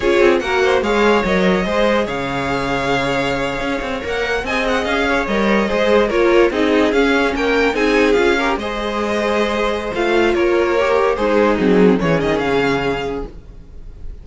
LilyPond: <<
  \new Staff \with { instrumentName = "violin" } { \time 4/4 \tempo 4 = 145 cis''4 fis''4 f''4 dis''4~ | dis''4 f''2.~ | f''4.~ f''16 fis''4 gis''8 fis''8 f''16~ | f''8. dis''2 cis''4 dis''16~ |
dis''8. f''4 g''4 gis''4 f''16~ | f''8. dis''2.~ dis''16 | f''4 cis''2 c''4 | gis'4 cis''8 dis''8 f''2 | }
  \new Staff \with { instrumentName = "violin" } { \time 4/4 gis'4 ais'8 c''8 cis''2 | c''4 cis''2.~ | cis''2~ cis''8. dis''4~ dis''16~ | dis''16 cis''4. c''4 ais'4 gis'16~ |
gis'4.~ gis'16 ais'4 gis'4~ gis'16~ | gis'16 ais'8 c''2.~ c''16~ | c''4 ais'2 dis'4~ | dis'4 gis'2. | }
  \new Staff \with { instrumentName = "viola" } { \time 4/4 f'4 fis'4 gis'4 ais'4 | gis'1~ | gis'4.~ gis'16 ais'4 gis'4~ gis'16~ | gis'8. ais'4 gis'4 f'4 dis'16~ |
dis'8. cis'2 dis'4 f'16~ | f'16 g'8 gis'2.~ gis'16 | f'2 g'4 gis'4 | c'4 cis'2. | }
  \new Staff \with { instrumentName = "cello" } { \time 4/4 cis'8 c'8 ais4 gis4 fis4 | gis4 cis2.~ | cis8. cis'8 c'8 ais4 c'4 cis'16~ | cis'8. g4 gis4 ais4 c'16~ |
c'8. cis'4 ais4 c'4 cis'16~ | cis'8. gis2.~ gis16 | a4 ais2 gis4 | fis4 e8 dis8 cis2 | }
>>